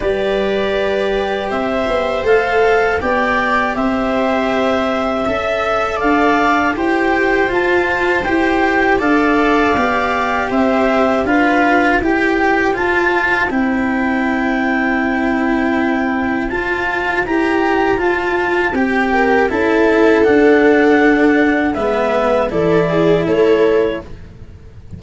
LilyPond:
<<
  \new Staff \with { instrumentName = "clarinet" } { \time 4/4 \tempo 4 = 80 d''2 e''4 f''4 | g''4 e''2. | f''4 g''4 a''4 g''4 | f''2 e''4 f''4 |
g''4 a''4 g''2~ | g''2 a''4 ais''4 | a''4 g''4 a''4 fis''4~ | fis''4 e''4 d''4 cis''4 | }
  \new Staff \with { instrumentName = "viola" } { \time 4/4 b'2 c''2 | d''4 c''2 e''4 | d''4 c''2. | d''2 c''4 b'4 |
c''1~ | c''1~ | c''4. ais'8 a'2~ | a'4 b'4 a'8 gis'8 a'4 | }
  \new Staff \with { instrumentName = "cello" } { \time 4/4 g'2. a'4 | g'2. a'4~ | a'4 g'4 f'4 g'4 | a'4 g'2 f'4 |
g'4 f'4 e'2~ | e'2 f'4 g'4 | f'4 g'4 e'4 d'4~ | d'4 b4 e'2 | }
  \new Staff \with { instrumentName = "tuba" } { \time 4/4 g2 c'8 b8 a4 | b4 c'2 cis'4 | d'4 e'4 f'4 e'4 | d'4 b4 c'4 d'4 |
e'4 f'4 c'2~ | c'2 f'4 e'4 | f'4 c'4 cis'4 d'4~ | d'4 gis4 e4 a4 | }
>>